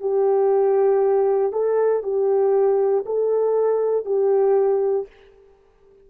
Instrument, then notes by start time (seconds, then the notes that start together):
horn
0.00 G4
1.52 A4
2.03 G4
3.06 A4
4.05 G4